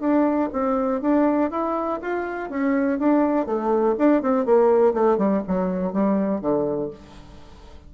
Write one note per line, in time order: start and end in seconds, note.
0.00 0.49 D4
0.52 1.01 C4
1.01 1.50 D4
1.50 1.99 E4
2.01 2.49 F4
2.49 2.98 C#4
2.98 3.46 D4
3.46 3.95 A3
3.98 4.22 D4
4.22 4.45 C4
4.45 4.93 A#3
4.93 5.17 A3
5.17 5.42 G3
5.47 5.92 F#3
5.92 6.40 G3
6.40 6.90 D3